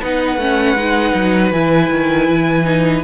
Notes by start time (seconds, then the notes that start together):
0.00 B3 D#4 B4 F#5
0.37 A3 C#4
0.75 G#3 D#4
1.15 F#3
1.52 E3 E4 G#5
1.90 D#3
2.28 E3
2.65 D#4